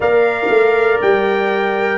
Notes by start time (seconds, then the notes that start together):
0.00 A#3 A#4 D5 F5
0.49 A3
1.01 G3 G5